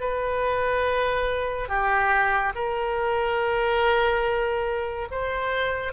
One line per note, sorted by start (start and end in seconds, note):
0.00 1.68 B4
1.68 2.53 G4
2.55 5.08 A#4
5.10 5.92 C5